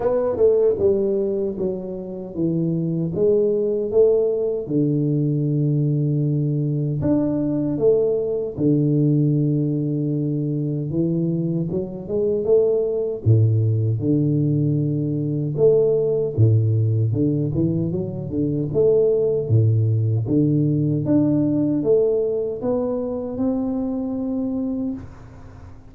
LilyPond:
\new Staff \with { instrumentName = "tuba" } { \time 4/4 \tempo 4 = 77 b8 a8 g4 fis4 e4 | gis4 a4 d2~ | d4 d'4 a4 d4~ | d2 e4 fis8 gis8 |
a4 a,4 d2 | a4 a,4 d8 e8 fis8 d8 | a4 a,4 d4 d'4 | a4 b4 c'2 | }